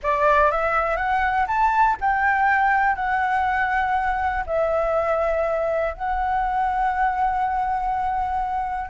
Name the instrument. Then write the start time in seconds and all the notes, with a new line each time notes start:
flute
0.02 D5
0.51 E5
0.96 F#5
1.47 A5
2.00 G5
2.95 F#5
4.46 E5
5.94 F#5